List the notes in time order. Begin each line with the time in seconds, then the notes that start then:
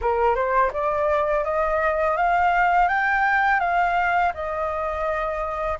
0.01 A#4
0.35 C5
0.73 D5
1.44 D#5
2.17 F5
2.88 G5
3.60 F5
4.33 D#5